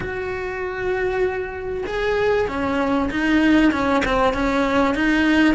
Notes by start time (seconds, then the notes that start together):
0.00 F#4
1.86 G#4
2.48 C#4
3.10 D#4
3.72 C#4
4.05 C4
4.33 C#4
4.95 D#4